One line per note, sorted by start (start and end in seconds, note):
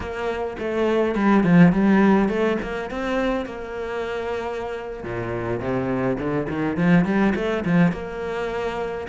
0.00 0.56 A#3
0.58 1.15 A3
1.15 1.43 G3
1.43 1.72 F3
1.72 2.28 G3
2.28 2.57 A3
2.62 2.90 A#3
2.90 3.45 C4
3.45 5.03 A#3
5.03 5.60 A#2
5.60 6.17 C3
6.18 6.47 D3
6.48 6.76 D#3
6.76 7.04 F3
7.04 7.33 G3
7.35 7.63 A3
7.65 7.92 F3
7.92 9.07 A#3